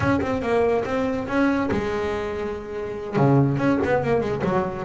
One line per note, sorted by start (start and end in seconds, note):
0.00 0.20 C#4
0.21 0.41 C4
0.41 0.84 A#3
0.85 1.27 C4
1.27 1.69 C#4
1.71 3.16 G#3
3.16 3.57 C#3
3.57 3.79 C#4
3.83 4.03 B3
4.03 4.21 A#3
4.21 4.42 G#3
4.44 4.85 F#3